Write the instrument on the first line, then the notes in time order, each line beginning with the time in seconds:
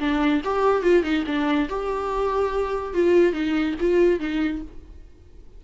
viola
0.00 D4
0.45 G4
0.83 F4
1.04 D#4
1.27 D4
1.69 G4
2.94 F4
3.33 D#4
3.80 F4
4.20 D#4